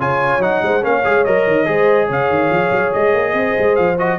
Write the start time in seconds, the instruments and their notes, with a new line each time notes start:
0.00 tuba C#3, trombone F4, horn C#5, trumpet G#5
0.38 tuba F#3, trombone D#4, trumpet F#5
0.63 tuba G#3, horn C5
0.82 tuba A#3, trombone C#4, horn C#5, trumpet F5
1.05 tuba G#3, trombone G#4
1.24 tuba F#3, trombone A#4, trumpet D#5
1.47 tuba D#3
1.65 tuba G#3, trombone G#4, horn C5
2.06 tuba C#3, horn C#5, trumpet F5
2.30 tuba D#3
2.50 tuba F3
2.71 tuba F#3
2.93 tuba G#3, trumpet D#5
3.13 tuba A#3
3.33 tuba C4, horn C5
3.59 tuba G#3
3.76 tuba F3, trumpet F5
3.99 trombone F#4, trumpet D#5